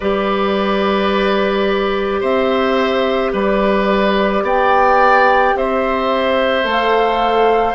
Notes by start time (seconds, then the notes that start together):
0.00 G3 G4 B4 D5
2.20 C4 C5 E5
3.32 G3 B4 D5
4.42 B3 D5 G5
5.55 C4 C5 E5
6.63 A3 A4
6.70 F5